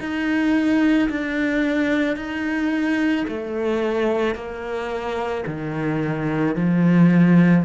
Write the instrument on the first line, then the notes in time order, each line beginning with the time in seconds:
cello
0.00 D#4
1.09 D4
2.16 D#4
3.28 A3
4.35 A#3
5.47 D#3
6.56 F3